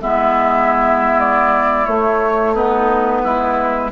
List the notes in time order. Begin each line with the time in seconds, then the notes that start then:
0.00 G#3 B3 E4 E5
1.19 D5
1.85 A3 C#5
2.53 B3 D#4 B4
3.23 G#3 E4